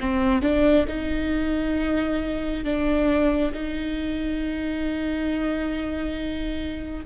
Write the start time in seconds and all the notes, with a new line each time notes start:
0.00 C4
0.42 D4
0.87 D#4
2.64 D4
3.53 D#4